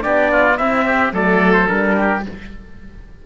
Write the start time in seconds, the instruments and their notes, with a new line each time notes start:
0.00 cello B3, horn D4, oboe G4, trumpet D5
0.31 oboe F4
0.57 horn C4, cello C4, oboe E4, trumpet E5
0.85 oboe G4
1.12 cello F#3, horn A3, oboe A4, trumpet D5
1.54 trumpet C5
1.67 cello G3, horn D4, trumpet A#4
1.96 oboe G4